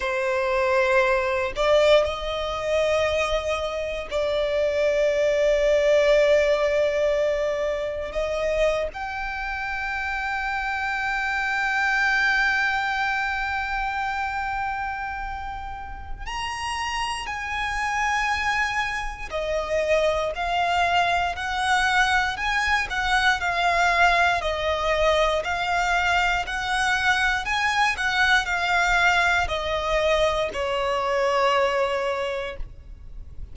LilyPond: \new Staff \with { instrumentName = "violin" } { \time 4/4 \tempo 4 = 59 c''4. d''8 dis''2 | d''1 | dis''8. g''2.~ g''16~ | g''1 |
ais''4 gis''2 dis''4 | f''4 fis''4 gis''8 fis''8 f''4 | dis''4 f''4 fis''4 gis''8 fis''8 | f''4 dis''4 cis''2 | }